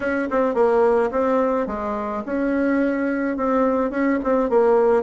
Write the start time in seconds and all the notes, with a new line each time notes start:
0.00 C#4
0.30 C4
0.54 A#3
1.11 C4
1.67 G#3
2.25 C#4
3.36 C4
3.90 C#4
4.23 C4
4.49 A#3